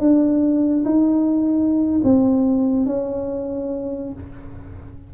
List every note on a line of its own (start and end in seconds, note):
0.00 0.85 D4
0.85 2.01 D#4
2.04 2.86 C4
2.86 4.13 C#4